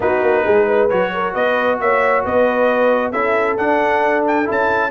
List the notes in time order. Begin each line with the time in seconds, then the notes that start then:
0.00 B3 D#4 F#4 B4
0.22 A#3
0.43 G#3 G#4
0.68 B4
0.89 F#3 F#4 C#5
1.13 A#4
1.33 B3 B4 D#5
1.80 A#3 C#5 E5
2.24 B3 B4 D#5
3.11 C#4 E4 A4 E5
3.57 D4 F#5
4.27 G5
4.45 C#4 E4
4.51 A5